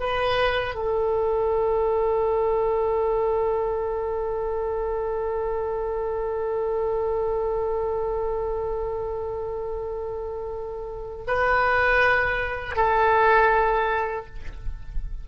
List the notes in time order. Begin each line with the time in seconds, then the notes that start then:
0.00 B4
0.75 A4
11.27 B4
12.76 A4